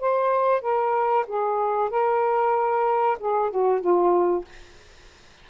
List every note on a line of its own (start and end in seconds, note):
0.00 0.61 C5
0.61 1.25 A#4
1.26 1.90 G#4
1.90 3.17 A#4
3.19 3.50 G#4
3.50 3.80 F#4
3.80 4.44 F4